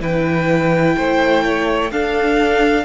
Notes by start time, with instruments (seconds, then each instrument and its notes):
0.00 cello E3, viola E4, violin B4 G5
0.97 cello A3, violin C5
1.44 violin C#5
1.91 cello D4, viola D4, violin A4 F5